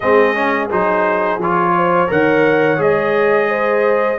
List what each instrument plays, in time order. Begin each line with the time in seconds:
0.00 tuba G#3, trombone C4, horn G#4, trumpet D#5
0.34 trombone C#4
0.69 tuba F#3, trombone D#4, trumpet C5
1.38 tuba F3, trombone F4, trumpet C#5
1.76 horn C5
2.07 tuba D#3, trombone A#4, horn C#5, trumpet F#5
2.77 tuba G#3, trombone G#4, trumpet D#5
3.49 horn C5